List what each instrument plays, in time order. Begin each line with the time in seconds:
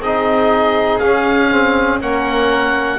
0.00 double bass C4, trombone D#4, violin G#4, oboe D#5
0.99 double bass C#4, trombone C#4, oboe F5
1.51 trombone C4
2.01 double bass A#3, trombone C#4, violin A#4, oboe F#5